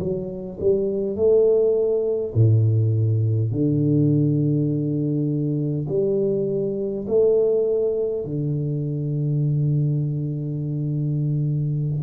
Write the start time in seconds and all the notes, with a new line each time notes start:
0.00 F#3
0.60 G3
1.17 A3
2.35 A2
3.52 D3
5.89 G3
7.08 A3
8.26 D3